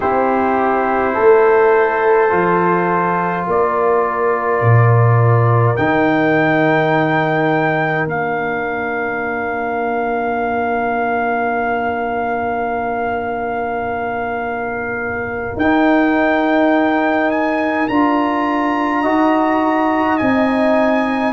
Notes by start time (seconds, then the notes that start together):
0.00 C4 E4 G4 C5
1.14 A3 A4
2.29 F3 F4
3.46 A#3 A#4 D5
4.61 A#2
5.76 D#3 D#4 G5
8.05 A#3 D4 F5
15.56 D#4 G5
17.31 G#5
17.88 D4 F4 A#5
19.01 D#4 F#4 D#5
20.18 C4 D#4 G#5